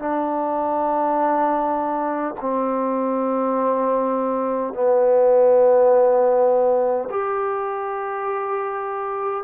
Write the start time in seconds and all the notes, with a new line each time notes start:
0.00 D4
2.41 C4
4.74 B3
7.10 G4